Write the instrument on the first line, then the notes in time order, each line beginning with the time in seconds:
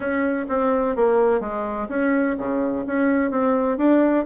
bassoon
0.00 C#4
0.48 C4
0.96 A#3
1.40 G#3
1.89 C#4
2.38 C#3
2.86 C#4
3.30 C4
3.77 D4